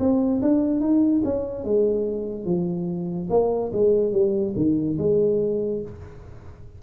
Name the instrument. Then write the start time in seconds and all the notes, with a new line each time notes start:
tuba
0.00 C4
0.42 D4
0.81 D#4
1.25 C#4
1.64 G#3
2.45 F3
3.30 A#3
3.73 G#3
4.13 G3
4.56 D#3
4.99 G#3